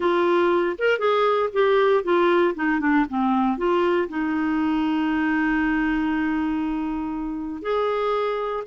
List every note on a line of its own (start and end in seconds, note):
0.00 0.76 F4
0.78 0.98 A#4
0.98 1.49 G#4
1.52 2.03 G4
2.03 2.54 F4
2.54 2.80 D#4
2.80 3.05 D4
3.09 3.57 C4
3.57 4.08 F4
4.09 7.62 D#4
7.62 8.63 G#4